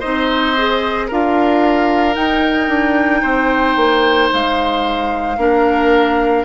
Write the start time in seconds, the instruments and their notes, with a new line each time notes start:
0.00 bassoon C4, clarinet D#4, oboe C5, flute D#5
0.57 clarinet G#4
1.07 bassoon D4, clarinet F4, oboe A#4, flute F5
2.14 clarinet D#4, bassoon D#4, flute G5
2.69 bassoon D4
3.22 bassoon C4, oboe C5
3.76 bassoon A#3
4.33 bassoon G#3, flute F5
5.37 bassoon A#3, clarinet D4, oboe A#4